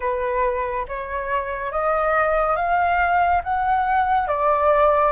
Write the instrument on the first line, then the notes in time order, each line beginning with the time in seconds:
flute
0.00 B4
0.88 C#5
1.71 D#5
2.56 F5
3.43 F#5
4.27 D5